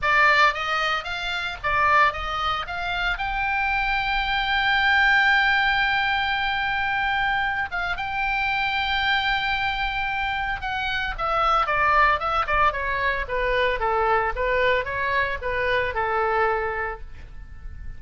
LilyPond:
\new Staff \with { instrumentName = "oboe" } { \time 4/4 \tempo 4 = 113 d''4 dis''4 f''4 d''4 | dis''4 f''4 g''2~ | g''1~ | g''2~ g''8 f''8 g''4~ |
g''1 | fis''4 e''4 d''4 e''8 d''8 | cis''4 b'4 a'4 b'4 | cis''4 b'4 a'2 | }